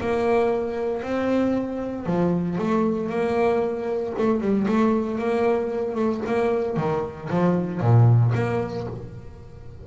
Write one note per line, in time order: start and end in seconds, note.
0.00 1.02 A#3
1.02 2.06 C4
2.06 2.58 F3
2.58 3.09 A3
3.09 4.13 A#3
4.18 4.40 A3
4.40 4.66 G3
4.68 5.18 A3
5.18 5.95 A#3
5.95 6.21 A3
6.26 6.77 A#3
6.77 7.29 D#3
7.29 7.80 F3
7.80 8.33 A#2
8.35 8.87 A#3